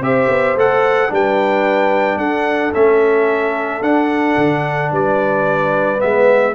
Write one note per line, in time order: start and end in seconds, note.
0.00 0.27 C4
0.00 0.57 G4
0.00 1.10 C5
0.00 0.57 E5
0.28 0.55 B3
0.55 1.10 A3
0.55 1.09 A4
0.55 1.13 F#5
1.09 2.16 G3
1.09 2.72 D4
1.09 2.18 B4
1.09 2.18 G5
2.16 2.71 D4
2.16 4.90 A4
2.16 2.72 F#5
2.73 3.81 A3
2.73 3.82 C#4
2.73 3.82 E5
3.81 4.35 D4
3.81 5.98 D4
3.81 4.91 F#5
4.37 4.92 D3
4.91 6.01 G3
4.91 6.54 B4
4.91 6.00 D5
5.98 6.54 G#3
5.98 6.52 B3
5.98 6.54 E5